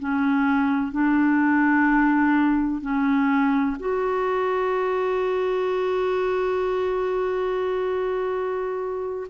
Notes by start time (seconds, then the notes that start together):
0.00 C#4
0.92 D4
2.82 C#4
3.80 F#4